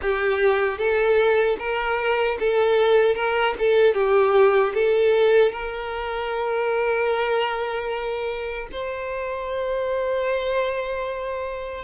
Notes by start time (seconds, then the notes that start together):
0.01 G4
0.78 A4
1.59 A#4
2.39 A4
3.15 A#4
3.58 A4
3.94 G4
4.74 A4
5.52 A#4
8.71 C5